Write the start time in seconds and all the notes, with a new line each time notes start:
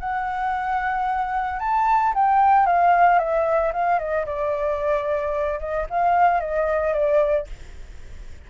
0.00 F#5
1.60 A5
2.15 G5
2.66 F5
3.19 E5
3.73 F5
3.99 D#5
4.26 D5
5.60 D#5
5.90 F5
6.41 D#5
6.94 D5